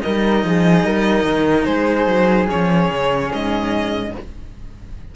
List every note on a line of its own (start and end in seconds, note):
0.00 0.43 G3
0.00 2.47 D#4
0.00 0.44 A#4
0.00 1.64 D#5
0.43 0.84 F3
0.43 0.86 G#4
0.84 1.24 G3
0.84 1.66 A#4
1.24 1.65 D#3
1.64 2.06 G#3
1.64 4.12 G#4
1.64 2.47 C5
2.06 2.47 F#3
2.47 4.11 C#4
2.47 3.32 C#5
2.53 2.89 F3
2.89 3.30 C#3
3.33 4.15 G#2
3.33 4.15 D#5